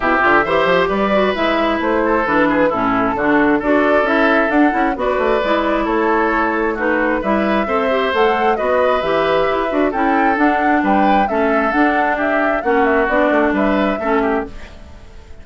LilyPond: <<
  \new Staff \with { instrumentName = "flute" } { \time 4/4 \tempo 4 = 133 e''2 d''4 e''4 | c''4 b'4 a'2 | d''4 e''4 fis''4 d''4~ | d''4 cis''2 b'4 |
e''2 fis''4 dis''4 | e''2 g''4 fis''4 | g''4 e''4 fis''4 e''4 | fis''8 e''8 d''4 e''2 | }
  \new Staff \with { instrumentName = "oboe" } { \time 4/4 g'4 c''4 b'2~ | b'8 a'4 gis'8 e'4 fis'4 | a'2. b'4~ | b'4 a'2 fis'4 |
b'4 c''2 b'4~ | b'2 a'2 | b'4 a'2 g'4 | fis'2 b'4 a'8 g'8 | }
  \new Staff \with { instrumentName = "clarinet" } { \time 4/4 e'8 f'8 g'4. fis'8 e'4~ | e'4 d'4 cis'4 d'4 | fis'4 e'4 d'8 e'8 fis'4 | e'2. dis'4 |
e'4 a'8 g'8 a'4 fis'4 | g'4. fis'8 e'4 d'4~ | d'4 cis'4 d'2 | cis'4 d'2 cis'4 | }
  \new Staff \with { instrumentName = "bassoon" } { \time 4/4 c8 d8 e8 f8 g4 gis4 | a4 e4 a,4 d4 | d'4 cis'4 d'8 cis'8 b8 a8 | gis4 a2. |
g4 c'4 a4 b4 | e4 e'8 d'8 cis'4 d'4 | g4 a4 d'2 | ais4 b8 a8 g4 a4 | }
>>